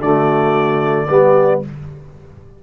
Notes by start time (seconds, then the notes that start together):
0.00 D3 A3 F#4 D5
1.09 G3 B3 G4